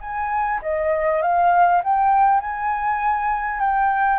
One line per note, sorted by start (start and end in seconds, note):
0.00 0.60 G#5
0.62 1.21 D#5
1.21 1.82 F5
1.83 2.40 G5
2.40 3.59 G#5
3.59 4.19 G5